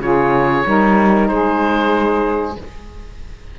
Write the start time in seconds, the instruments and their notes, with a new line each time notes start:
0.00 cello C#3, saxophone F4 G#4, oboe C#5
0.64 cello G3, saxophone D#4 A#4
1.28 cello G#3, saxophone G#4, oboe C5